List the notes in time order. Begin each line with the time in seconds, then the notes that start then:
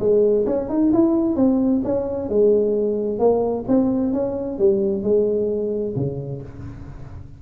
0.00 G#3
0.47 C#4
0.69 D#4
0.93 E4
1.36 C4
1.84 C#4
2.29 G#3
3.19 A#3
3.68 C4
4.13 C#4
4.59 G3
5.03 G#3
5.96 C#3